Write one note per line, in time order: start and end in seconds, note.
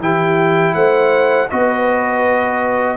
0.00 0.74 E3
0.00 1.50 E4
0.00 0.75 G4
0.00 0.75 G5
0.75 1.49 A3
0.75 1.49 C5
0.75 1.49 F#5
1.50 2.98 B3
1.50 2.98 F#4
1.50 2.98 B4
1.50 2.98 D#5